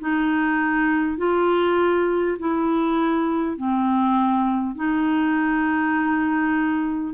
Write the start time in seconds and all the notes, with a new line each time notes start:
0.00 D#4
1.17 F4
2.39 E4
3.57 C4
4.75 D#4